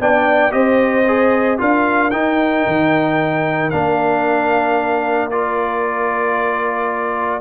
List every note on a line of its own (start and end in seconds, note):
0.00 0.53 B3
0.00 0.51 D4
0.00 0.54 D5
0.00 0.52 G5
0.51 1.59 C4
0.51 1.04 G4
0.51 1.59 C5
0.51 1.58 D#5
1.07 1.58 G#4
1.58 2.13 D4
1.58 2.11 F4
1.58 7.41 A#4
1.58 2.11 F5
2.11 2.66 D#4
2.11 3.72 D#4
2.11 3.70 G5
2.66 3.73 D#3
3.70 7.41 A#3
3.70 5.31 D4
3.70 5.29 F5
5.31 7.41 F4
5.31 7.41 D5